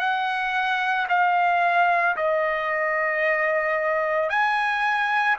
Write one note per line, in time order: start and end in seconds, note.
0.00 1.07 F#5
1.09 2.16 F5
2.17 4.30 D#5
4.30 5.37 G#5